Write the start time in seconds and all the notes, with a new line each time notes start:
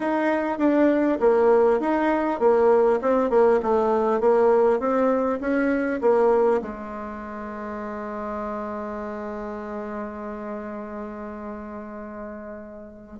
0.00 D#4
0.58 D4
1.20 A#3
1.80 D#4
2.39 A#3
3.01 C4
3.30 A#3
3.62 A3
4.20 A#3
4.79 C4
5.40 C#4
6.01 A#3
6.61 G#3